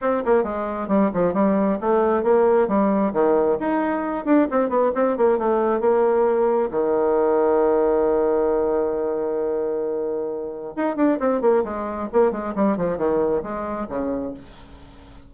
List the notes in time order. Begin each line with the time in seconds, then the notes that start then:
0.01 C4
0.25 A#3
0.43 G#3
0.88 G3
1.13 F3
1.33 G3
1.80 A3
2.23 A#3
2.67 G3
3.13 D#3
3.59 D#4
4.25 D4
4.51 C4
4.69 B3
4.95 C4
5.17 A#3
5.38 A3
5.80 A#3
6.70 D#3
10.76 D#4
10.96 D4
11.19 C4
11.41 A#3
11.64 G#3
12.12 A#3
12.31 G#3
12.55 G3
12.77 F3
12.97 D#3
13.42 G#3
13.88 C#3